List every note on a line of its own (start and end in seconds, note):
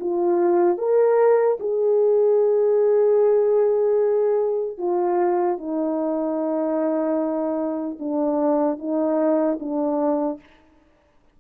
0.00 0.77 F4
0.77 1.57 A#4
1.60 4.77 G#4
4.77 5.57 F4
5.58 7.98 D#4
7.99 8.78 D4
8.78 9.58 D#4
9.60 10.40 D4